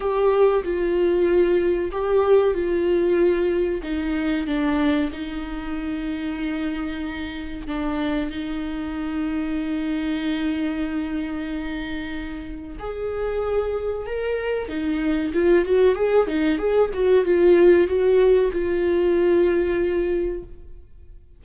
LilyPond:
\new Staff \with { instrumentName = "viola" } { \time 4/4 \tempo 4 = 94 g'4 f'2 g'4 | f'2 dis'4 d'4 | dis'1 | d'4 dis'2.~ |
dis'1 | gis'2 ais'4 dis'4 | f'8 fis'8 gis'8 dis'8 gis'8 fis'8 f'4 | fis'4 f'2. | }